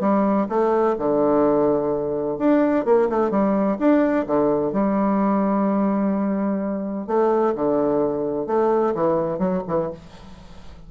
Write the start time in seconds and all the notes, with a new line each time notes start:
0.00 G3
0.49 A3
0.98 D3
2.38 D4
2.85 A#3
3.09 A3
3.30 G3
3.79 D4
4.26 D3
4.73 G3
7.07 A3
7.55 D3
8.47 A3
8.94 E3
9.38 F#3
9.67 E3